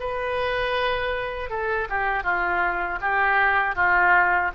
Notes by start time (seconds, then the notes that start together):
0.00 B4
1.50 A4
1.89 G4
2.23 F4
3.01 G4
3.75 F4